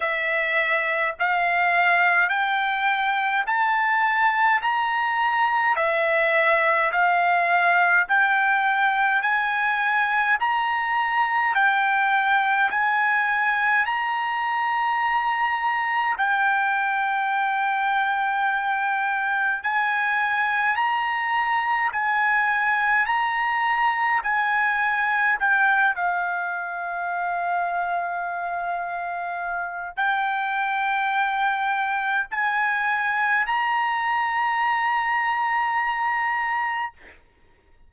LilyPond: \new Staff \with { instrumentName = "trumpet" } { \time 4/4 \tempo 4 = 52 e''4 f''4 g''4 a''4 | ais''4 e''4 f''4 g''4 | gis''4 ais''4 g''4 gis''4 | ais''2 g''2~ |
g''4 gis''4 ais''4 gis''4 | ais''4 gis''4 g''8 f''4.~ | f''2 g''2 | gis''4 ais''2. | }